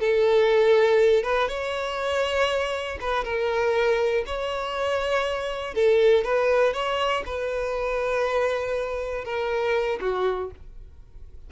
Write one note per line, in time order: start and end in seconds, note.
0.00 1.23 A4
1.23 1.48 B4
1.48 2.98 C#5
3.01 3.24 B4
3.24 4.24 A#4
4.26 5.75 C#5
5.75 6.25 A4
6.25 6.74 B4
6.74 7.24 C#5
7.26 9.25 B4
9.25 10.00 A#4
10.01 10.51 F#4